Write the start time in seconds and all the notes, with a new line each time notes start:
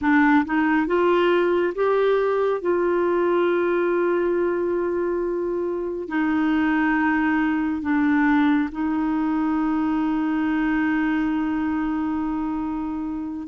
0.01 D4
0.45 D#4
0.86 F4
1.74 G4
2.61 F4
6.08 D#4
7.82 D4
8.72 D#4